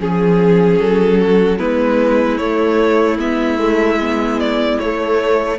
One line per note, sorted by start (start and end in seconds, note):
0.00 0.80 F3
0.00 1.59 C#4
0.00 0.80 G#4
0.00 1.21 G#4
0.80 1.60 F#3
0.80 1.59 A4
1.21 1.58 F#4
1.58 2.40 G#3
1.58 2.39 B3
1.58 5.58 E4
1.58 2.38 B4
2.38 3.19 A3
2.38 3.18 C#5
3.19 4.79 G#3
3.19 3.59 B3
3.19 4.40 E5
3.59 3.99 A3
4.01 4.81 B3
4.40 4.79 D5
4.79 5.59 A3
4.79 5.59 C#5